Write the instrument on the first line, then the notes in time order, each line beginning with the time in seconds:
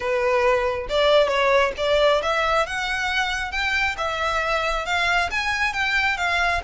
violin
0.00 B4
0.89 D5
1.28 C#5
1.77 D5
2.22 E5
2.66 F#5
3.51 G5
3.97 E5
4.85 F5
5.31 G#5
5.73 G5
6.17 F5